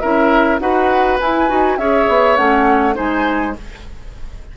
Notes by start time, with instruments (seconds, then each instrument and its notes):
0.00 bassoon C#4, clarinet E4, oboe A#4, flute E5
0.59 bassoon D#4, clarinet F#4, oboe B4, flute F#5
1.20 bassoon E4, clarinet E4, flute G#5
1.48 bassoon D#4, clarinet F#4
1.78 bassoon C#4, clarinet G#4, oboe C#5, flute E5
2.09 bassoon B3
2.37 bassoon A3, clarinet C#4, flute F#5
2.95 bassoon G#3, clarinet D#4, oboe C5, flute G#5